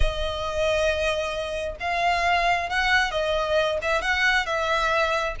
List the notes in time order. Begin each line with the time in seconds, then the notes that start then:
0.00 D#5
1.80 F5
2.69 F#5
3.11 D#5
3.82 E5
4.01 F#5
4.46 E5